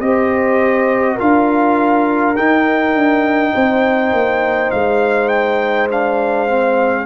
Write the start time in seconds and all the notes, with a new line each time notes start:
0.00 C4 G4 C5 D#5
1.15 D4 F4 A#4 F5
2.36 D#4 G5
2.94 D4
3.53 C4 C5
4.12 A#3
4.71 G#3 F5
5.28 G5
5.90 D4 F5
6.47 C4